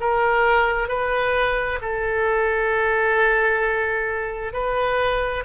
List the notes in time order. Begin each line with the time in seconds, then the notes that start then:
0.00 A#4
0.88 B4
1.81 A4
4.53 B4